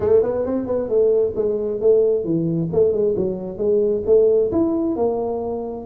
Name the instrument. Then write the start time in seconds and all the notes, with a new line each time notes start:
tuba
0.00 A3
0.23 B3
0.45 C4
0.66 B3
0.89 A3
1.35 G#3
1.80 A3
2.24 E3
2.72 A3
2.92 G#3
3.16 F#3
3.57 G#3
4.06 A3
4.51 E4
4.96 A#3